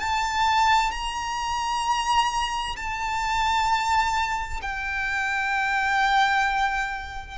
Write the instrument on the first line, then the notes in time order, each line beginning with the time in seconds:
violin
0.00 A5
0.91 A#5
2.76 A5
4.62 G5